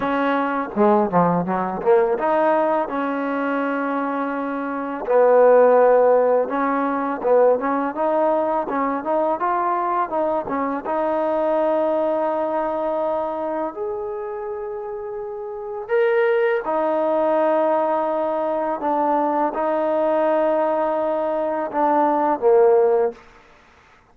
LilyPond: \new Staff \with { instrumentName = "trombone" } { \time 4/4 \tempo 4 = 83 cis'4 gis8 f8 fis8 ais8 dis'4 | cis'2. b4~ | b4 cis'4 b8 cis'8 dis'4 | cis'8 dis'8 f'4 dis'8 cis'8 dis'4~ |
dis'2. gis'4~ | gis'2 ais'4 dis'4~ | dis'2 d'4 dis'4~ | dis'2 d'4 ais4 | }